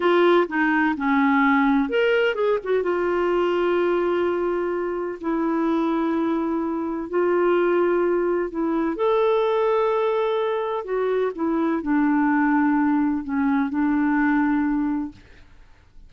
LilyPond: \new Staff \with { instrumentName = "clarinet" } { \time 4/4 \tempo 4 = 127 f'4 dis'4 cis'2 | ais'4 gis'8 fis'8 f'2~ | f'2. e'4~ | e'2. f'4~ |
f'2 e'4 a'4~ | a'2. fis'4 | e'4 d'2. | cis'4 d'2. | }